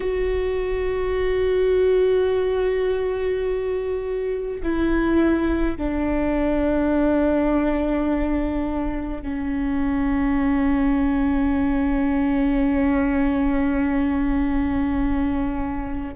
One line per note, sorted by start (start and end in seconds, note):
0.00 4.61 F#4
4.63 5.77 E4
5.77 9.22 D4
9.22 16.14 C#4